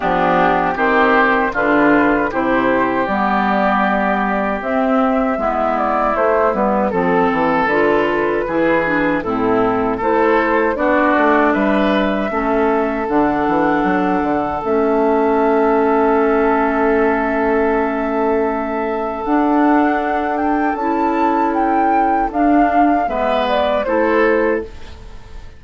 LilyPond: <<
  \new Staff \with { instrumentName = "flute" } { \time 4/4 \tempo 4 = 78 g'4 c''4 b'4 c''4 | d''2 e''4. d''8 | c''8 b'8 a'4 b'2 | a'4 c''4 d''4 e''4~ |
e''4 fis''2 e''4~ | e''1~ | e''4 fis''4. g''8 a''4 | g''4 f''4 e''8 d''8 c''4 | }
  \new Staff \with { instrumentName = "oboe" } { \time 4/4 d'4 g'4 f'4 g'4~ | g'2. e'4~ | e'4 a'2 gis'4 | e'4 a'4 fis'4 b'4 |
a'1~ | a'1~ | a'1~ | a'2 b'4 a'4 | }
  \new Staff \with { instrumentName = "clarinet" } { \time 4/4 b4 c'4 d'4 e'4 | b2 c'4 b4 | a8 b8 c'4 f'4 e'8 d'8 | c'4 e'4 d'2 |
cis'4 d'2 cis'4~ | cis'1~ | cis'4 d'2 e'4~ | e'4 d'4 b4 e'4 | }
  \new Staff \with { instrumentName = "bassoon" } { \time 4/4 f4 dis4 d4 c4 | g2 c'4 gis4 | a8 g8 f8 e8 d4 e4 | a,4 a4 b8 a8 g4 |
a4 d8 e8 fis8 d8 a4~ | a1~ | a4 d'2 cis'4~ | cis'4 d'4 gis4 a4 | }
>>